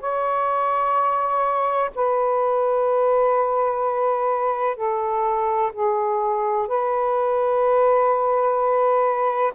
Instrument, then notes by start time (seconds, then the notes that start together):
saxophone
0.00 C#5
1.95 B4
4.77 A4
5.73 G#4
6.68 B4